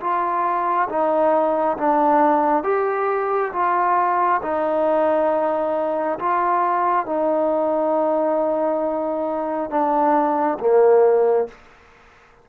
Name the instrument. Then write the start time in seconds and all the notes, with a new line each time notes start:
trombone
0.00 F4
0.89 D#4
1.78 D4
2.64 G4
3.53 F4
4.42 D#4
6.19 F4
7.06 D#4
9.70 D4
10.60 A#3